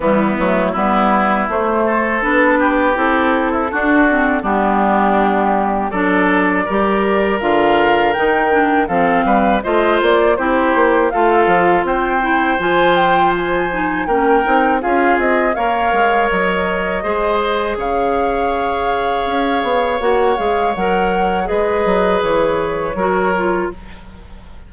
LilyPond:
<<
  \new Staff \with { instrumentName = "flute" } { \time 4/4 \tempo 4 = 81 e'4 b'4 c''4 b'4 | a'2 g'2 | d''2 f''4 g''4 | f''4 dis''8 d''8 c''4 f''4 |
g''4 gis''8 g''8 gis''4 g''4 | f''8 dis''8 f''4 dis''2 | f''2. fis''8 f''8 | fis''4 dis''4 cis''2 | }
  \new Staff \with { instrumentName = "oboe" } { \time 4/4 b4 e'4. a'4 g'8~ | g'8. e'16 fis'4 d'2 | a'4 ais'2. | a'8 b'8 c''4 g'4 a'4 |
c''2. ais'4 | gis'4 cis''2 c''4 | cis''1~ | cis''4 b'2 ais'4 | }
  \new Staff \with { instrumentName = "clarinet" } { \time 4/4 g8 a8 b4 a4 d'4 | e'4 d'8 c'8 b2 | d'4 g'4 f'4 dis'8 d'8 | c'4 f'4 e'4 f'4~ |
f'8 e'8 f'4. dis'8 cis'8 dis'8 | f'4 ais'2 gis'4~ | gis'2. fis'8 gis'8 | ais'4 gis'2 fis'8 f'8 | }
  \new Staff \with { instrumentName = "bassoon" } { \time 4/4 e8 fis8 g4 a4 b4 | c'4 d'4 g2 | fis4 g4 d4 dis4 | f8 g8 a8 ais8 c'8 ais8 a8 f8 |
c'4 f2 ais8 c'8 | cis'8 c'8 ais8 gis8 fis4 gis4 | cis2 cis'8 b8 ais8 gis8 | fis4 gis8 fis8 e4 fis4 | }
>>